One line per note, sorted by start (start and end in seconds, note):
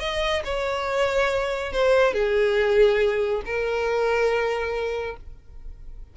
0.00 0.43 D#5
0.45 1.73 C#5
1.73 2.14 C5
2.14 3.42 G#4
3.46 5.17 A#4